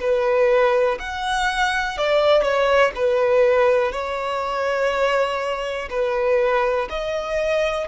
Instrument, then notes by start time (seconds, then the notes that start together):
violin
0.00 B4
0.99 F#5
1.98 D5
2.43 C#5
2.96 B4
3.92 C#5
5.90 B4
6.90 D#5